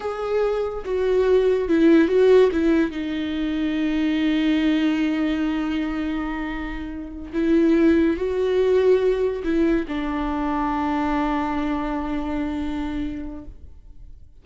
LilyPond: \new Staff \with { instrumentName = "viola" } { \time 4/4 \tempo 4 = 143 gis'2 fis'2 | e'4 fis'4 e'4 dis'4~ | dis'1~ | dis'1~ |
dis'4. e'2 fis'8~ | fis'2~ fis'8 e'4 d'8~ | d'1~ | d'1 | }